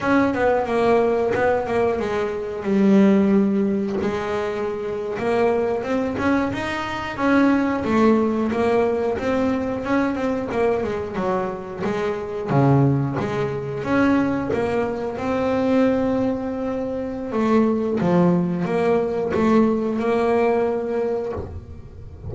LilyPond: \new Staff \with { instrumentName = "double bass" } { \time 4/4 \tempo 4 = 90 cis'8 b8 ais4 b8 ais8 gis4 | g2 gis4.~ gis16 ais16~ | ais8. c'8 cis'8 dis'4 cis'4 a16~ | a8. ais4 c'4 cis'8 c'8 ais16~ |
ais16 gis8 fis4 gis4 cis4 gis16~ | gis8. cis'4 ais4 c'4~ c'16~ | c'2 a4 f4 | ais4 a4 ais2 | }